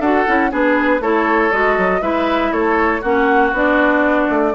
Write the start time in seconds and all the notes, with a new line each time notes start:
0.00 D4 F#4 A4 F#5
0.28 C#4 E4
0.51 B3 D4 G#4 B4
1.00 A3 E4 A4 C#5
1.52 G#3 F#4 D#5
1.78 F#3
2.02 G#3 E4 B4 E5
2.53 A3 A4 C#5
3.02 A#3 C#4 F#4 F#5
3.53 B3 D4 D5
4.30 A3